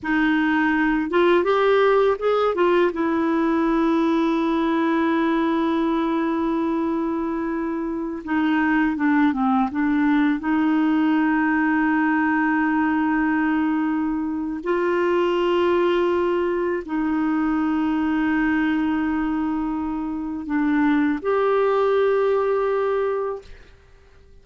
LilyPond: \new Staff \with { instrumentName = "clarinet" } { \time 4/4 \tempo 4 = 82 dis'4. f'8 g'4 gis'8 f'8 | e'1~ | e'2.~ e'16 dis'8.~ | dis'16 d'8 c'8 d'4 dis'4.~ dis'16~ |
dis'1 | f'2. dis'4~ | dis'1 | d'4 g'2. | }